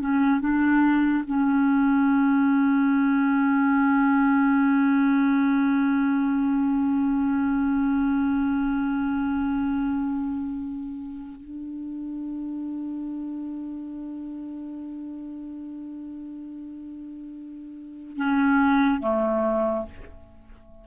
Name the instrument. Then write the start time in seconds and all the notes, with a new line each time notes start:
clarinet
0.00 C#4
0.40 D4
1.26 C#4
11.40 D4
18.17 C#4
19.00 A3